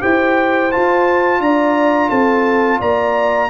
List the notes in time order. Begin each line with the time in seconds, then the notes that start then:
0.00 E4 G4 C5 G5
0.72 F4 A5
1.40 D4 D5 A#5
2.09 C4 A4 A5
2.80 A#3 D5 A#5